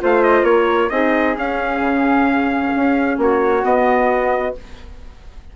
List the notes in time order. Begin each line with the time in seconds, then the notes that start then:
0.00 A3 F4 C5 F5
0.24 D#5
0.43 A#3 A#4 C#5
0.90 C4 D#4 G#4 D#5
1.36 C#4 F5
1.80 C#3
2.76 C#4
3.18 A#3 F#4 C#5
3.62 B3 D#5